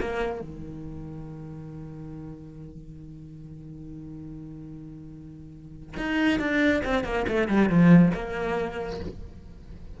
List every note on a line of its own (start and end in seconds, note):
0.00 0.41 A#3
0.41 5.97 D#3
5.97 6.39 D#4
6.39 6.82 D4
6.84 7.04 C4
7.04 7.25 A#3
7.28 7.48 A3
7.48 7.69 G3
7.69 8.12 F3
8.14 9.00 A#3